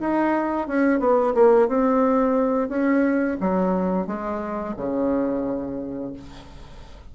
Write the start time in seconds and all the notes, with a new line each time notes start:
0.00 D#4
0.67 C#4
0.99 B3
1.34 A#3
1.68 C4
2.69 C#4
3.40 F#3
4.07 G#3
4.77 C#3